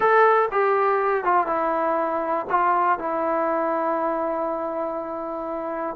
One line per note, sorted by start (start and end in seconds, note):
0.00 0.48 A4
0.51 1.24 G4
1.24 1.47 F4
1.47 2.46 E4
2.50 2.98 F4
2.98 5.96 E4